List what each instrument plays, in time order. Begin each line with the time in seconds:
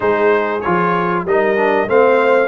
0.00 tuba G#3, trombone D#4, horn G#4, trumpet C5
0.60 tuba F3, trombone F4, trumpet C#5
1.24 tuba G3, trombone D#4, horn A#4, trumpet D#5
1.56 trombone D4
1.87 tuba A3, trombone C4, horn C5, trumpet F5